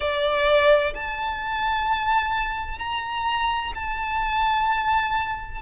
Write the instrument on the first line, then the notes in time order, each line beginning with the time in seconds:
violin
0.00 D5
0.94 A5
2.79 A#5
3.75 A5